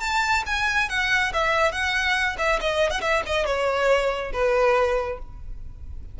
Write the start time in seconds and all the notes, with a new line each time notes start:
0.00 A5
0.46 G#5
0.89 F#5
1.33 E5
1.72 F#5
2.38 E5
2.60 D#5
2.90 F#5
3.01 E5
3.26 D#5
3.46 C#5
4.32 B4